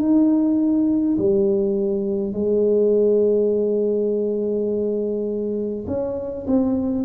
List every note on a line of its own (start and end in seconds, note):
0.00 1.18 D#4
1.18 2.33 G3
2.33 5.86 G#3
5.88 6.47 C#4
6.47 7.05 C4